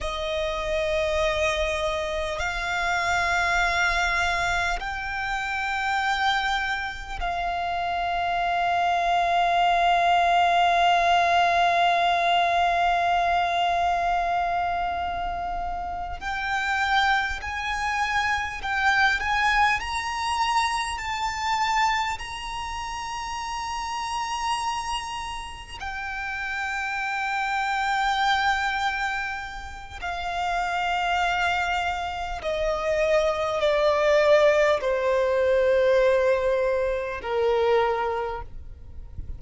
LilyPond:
\new Staff \with { instrumentName = "violin" } { \time 4/4 \tempo 4 = 50 dis''2 f''2 | g''2 f''2~ | f''1~ | f''4. g''4 gis''4 g''8 |
gis''8 ais''4 a''4 ais''4.~ | ais''4. g''2~ g''8~ | g''4 f''2 dis''4 | d''4 c''2 ais'4 | }